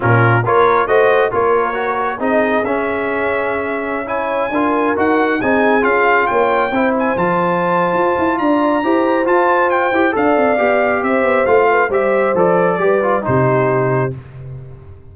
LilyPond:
<<
  \new Staff \with { instrumentName = "trumpet" } { \time 4/4 \tempo 4 = 136 ais'4 cis''4 dis''4 cis''4~ | cis''4 dis''4 e''2~ | e''4~ e''16 gis''2 fis''8.~ | fis''16 gis''4 f''4 g''4. gis''16~ |
gis''16 a''2~ a''8. ais''4~ | ais''4 a''4 g''4 f''4~ | f''4 e''4 f''4 e''4 | d''2 c''2 | }
  \new Staff \with { instrumentName = "horn" } { \time 4/4 f'4 ais'4 c''4 ais'4~ | ais'4 gis'2.~ | gis'4~ gis'16 cis''4 ais'4.~ ais'16~ | ais'16 gis'2 cis''4 c''8.~ |
c''2. d''4 | c''2. d''4~ | d''4 c''4. b'8 c''4~ | c''4 b'4 g'2 | }
  \new Staff \with { instrumentName = "trombone" } { \time 4/4 cis'4 f'4 fis'4 f'4 | fis'4 dis'4 cis'2~ | cis'4~ cis'16 e'4 f'4 fis'8.~ | fis'16 dis'4 f'2 e'8.~ |
e'16 f'2.~ f'8. | g'4 f'4. g'8 a'4 | g'2 f'4 g'4 | a'4 g'8 f'8 dis'2 | }
  \new Staff \with { instrumentName = "tuba" } { \time 4/4 ais,4 ais4 a4 ais4~ | ais4 c'4 cis'2~ | cis'2~ cis'16 d'4 dis'8.~ | dis'16 c'4 cis'4 ais4 c'8.~ |
c'16 f4.~ f16 f'8 e'8 d'4 | e'4 f'4. e'8 d'8 c'8 | b4 c'8 b8 a4 g4 | f4 g4 c2 | }
>>